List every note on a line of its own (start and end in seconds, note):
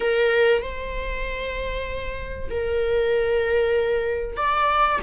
0.00 0.61 A#4
0.61 2.49 C5
2.50 4.36 A#4
4.36 4.99 D5